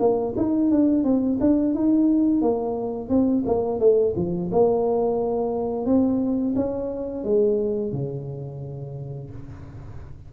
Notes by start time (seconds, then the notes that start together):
0.00 A#3
0.37 D#4
0.71 D4
1.04 C4
1.41 D4
1.75 D#4
2.42 A#3
3.09 C4
3.46 A#3
3.80 A3
4.16 F3
4.52 A#3
5.86 C4
6.56 C#4
7.24 G#3
7.93 C#3